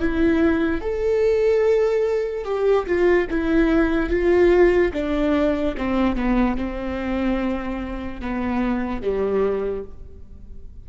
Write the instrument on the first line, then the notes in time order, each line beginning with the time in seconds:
viola
0.00 E4
0.81 A4
2.45 G4
2.87 F4
3.31 E4
4.10 F4
4.93 D4
5.78 C4
6.16 B3
6.57 C4
8.22 B3
9.02 G3